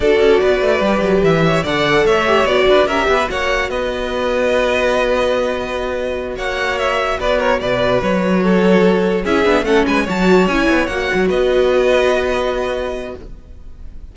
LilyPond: <<
  \new Staff \with { instrumentName = "violin" } { \time 4/4 \tempo 4 = 146 d''2. e''4 | fis''4 e''4 d''4 e''4 | fis''4 dis''2.~ | dis''2.~ dis''8 fis''8~ |
fis''8 e''4 d''8 cis''8 d''4 cis''8~ | cis''2~ cis''8 e''4 fis''8 | gis''8 a''4 gis''4 fis''4 dis''8~ | dis''1 | }
  \new Staff \with { instrumentName = "violin" } { \time 4/4 a'4 b'2~ b'8 cis''8 | d''4 cis''4. b'8 ais'8 b'8 | cis''4 b'2.~ | b'2.~ b'8 cis''8~ |
cis''4. b'8 ais'8 b'4.~ | b'8 a'2 gis'4 a'8 | b'8 cis''2. b'8~ | b'1 | }
  \new Staff \with { instrumentName = "viola" } { \time 4/4 fis'2 g'2 | a'4. g'8 fis'4 g'4 | fis'1~ | fis'1~ |
fis'1~ | fis'2~ fis'8 e'8 d'8 cis'8~ | cis'8 fis'4 e'4 fis'4.~ | fis'1 | }
  \new Staff \with { instrumentName = "cello" } { \time 4/4 d'8 cis'8 b8 a8 g8 fis8 e4 | d4 a4 b8 d'8 cis'8 b8 | ais4 b2.~ | b2.~ b8 ais8~ |
ais4. b4 b,4 fis8~ | fis2~ fis8 cis'8 b8 a8 | gis8 fis4 cis'8 b8 ais8 fis8 b8~ | b1 | }
>>